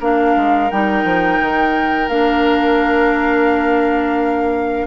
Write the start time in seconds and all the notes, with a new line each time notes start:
0.00 A#3 D4 A#4 F5
0.37 G#3
0.71 G3 D#4 G5
1.04 F3
1.41 D#3
2.08 A#3 D4 F5